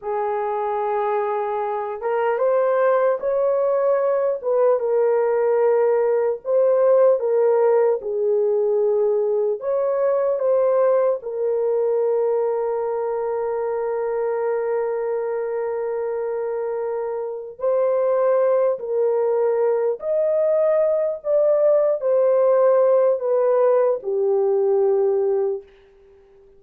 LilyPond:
\new Staff \with { instrumentName = "horn" } { \time 4/4 \tempo 4 = 75 gis'2~ gis'8 ais'8 c''4 | cis''4. b'8 ais'2 | c''4 ais'4 gis'2 | cis''4 c''4 ais'2~ |
ais'1~ | ais'2 c''4. ais'8~ | ais'4 dis''4. d''4 c''8~ | c''4 b'4 g'2 | }